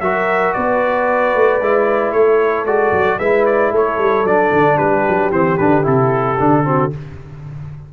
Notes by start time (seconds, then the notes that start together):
0.00 F#3 F#4 A#4 E5
0.53 B3 B4 D5
1.35 A3
1.61 G#3 E4
2.12 A3 A4 C#5
2.65 G#3 F#4 D5
2.92 F#3
3.18 G#3 E4 B4 E5
3.46 D5
3.71 A3 A4 C#5
3.98 G3
4.24 F#3 D4 D5
4.52 D3
4.77 G3 G4 B4
5.08 F#3
5.31 E3 C4 C5
5.58 D3 D4 B4
5.83 C3 E4 A4
6.39 D3 D4
6.64 C4 F#4